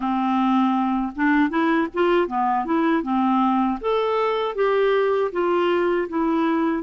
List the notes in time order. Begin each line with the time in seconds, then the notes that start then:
0.00 C4
1.15 D4
1.49 E4
1.94 F4
2.27 B3
2.65 E4
3.02 C4
3.80 A4
4.55 G4
5.32 F4
6.08 E4